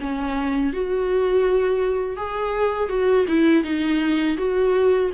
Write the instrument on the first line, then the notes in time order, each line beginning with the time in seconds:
viola
0.00 C#4
0.73 F#4
2.17 G#4
2.89 F#4
3.28 E4
3.64 D#4
4.37 F#4